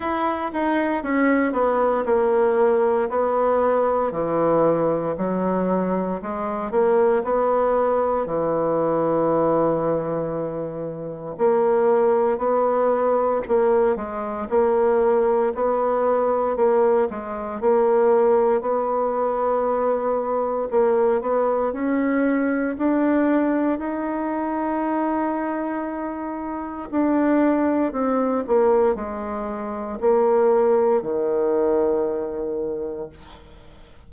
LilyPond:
\new Staff \with { instrumentName = "bassoon" } { \time 4/4 \tempo 4 = 58 e'8 dis'8 cis'8 b8 ais4 b4 | e4 fis4 gis8 ais8 b4 | e2. ais4 | b4 ais8 gis8 ais4 b4 |
ais8 gis8 ais4 b2 | ais8 b8 cis'4 d'4 dis'4~ | dis'2 d'4 c'8 ais8 | gis4 ais4 dis2 | }